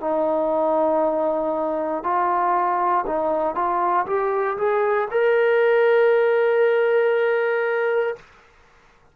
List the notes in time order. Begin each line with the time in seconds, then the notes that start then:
0.00 D#4
2.03 F4
3.06 D#4
3.55 F4
4.06 G4
4.58 G#4
5.11 A#4